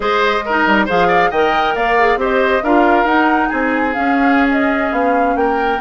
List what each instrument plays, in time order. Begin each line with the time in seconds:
0.00 bassoon G#3, clarinet G#4, oboe C5, flute D#5
0.45 clarinet D#4, oboe A#4
0.66 bassoon G3
0.85 bassoon F3, clarinet G#4, oboe C5, flute F5
1.08 oboe D5
1.30 bassoon D#3, clarinet A#4, oboe D#5, flute G5
1.75 bassoon A#3, oboe D5, flute F5
1.99 clarinet G#4
2.16 bassoon C4, clarinet G4, oboe C5, flute D#5
2.63 bassoon D4, clarinet F4, oboe A#4, flute F5
3.04 bassoon D#4, clarinet D#4, flute F#5
3.48 bassoon C4, oboe G#4, flute G#5
3.93 clarinet C#4, bassoon C#4, flute F5
4.51 flute D#5
4.91 bassoon B3, flute F5
5.35 bassoon A#3, oboe A#4, flute G5